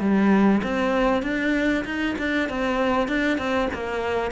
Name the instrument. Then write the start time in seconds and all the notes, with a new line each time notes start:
cello
0.00 G3
0.64 C4
1.23 D4
1.85 D#4
2.18 D4
2.49 C4
3.08 D4
3.38 C4
3.74 A#3